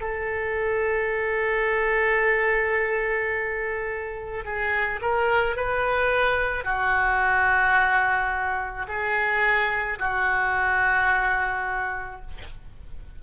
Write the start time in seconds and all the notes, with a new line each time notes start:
0.00 A4
4.44 G#4
5.01 A#4
5.56 B4
6.64 F#4
8.87 G#4
9.98 F#4